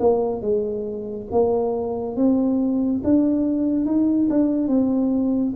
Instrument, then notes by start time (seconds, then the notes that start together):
tuba
0.00 A#3
0.42 G#3
1.32 A#3
2.17 C4
3.04 D4
3.86 D#4
4.30 D4
4.68 C4